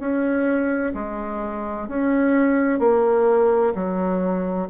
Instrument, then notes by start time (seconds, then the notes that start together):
bassoon
0.00 C#4
0.95 G#3
1.88 C#4
2.80 A#3
3.75 F#3